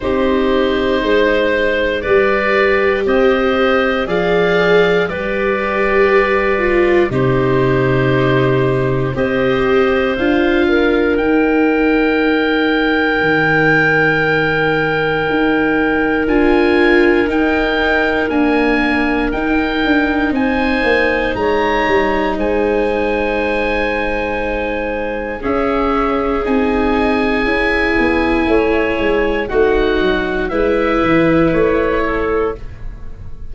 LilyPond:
<<
  \new Staff \with { instrumentName = "oboe" } { \time 4/4 \tempo 4 = 59 c''2 d''4 dis''4 | f''4 d''2 c''4~ | c''4 dis''4 f''4 g''4~ | g''1 |
gis''4 g''4 gis''4 g''4 | gis''4 ais''4 gis''2~ | gis''4 e''4 gis''2~ | gis''4 fis''4 e''4 cis''4 | }
  \new Staff \with { instrumentName = "clarinet" } { \time 4/4 g'4 c''4 b'4 c''4 | d''4 b'2 g'4~ | g'4 c''4. ais'4.~ | ais'1~ |
ais'1 | c''4 cis''4 c''2~ | c''4 gis'2. | cis''4 fis'4 b'4. a'8 | }
  \new Staff \with { instrumentName = "viola" } { \time 4/4 dis'2 g'2 | gis'4 g'4. f'8 dis'4~ | dis'4 g'4 f'4 dis'4~ | dis'1 |
f'4 dis'4 ais4 dis'4~ | dis'1~ | dis'4 cis'4 dis'4 e'4~ | e'4 dis'4 e'2 | }
  \new Staff \with { instrumentName = "tuba" } { \time 4/4 c'4 gis4 g4 c'4 | f4 g2 c4~ | c4 c'4 d'4 dis'4~ | dis'4 dis2 dis'4 |
d'4 dis'4 d'4 dis'8 d'8 | c'8 ais8 gis8 g8 gis2~ | gis4 cis'4 c'4 cis'8 b8 | a8 gis8 a8 fis8 gis8 e8 a4 | }
>>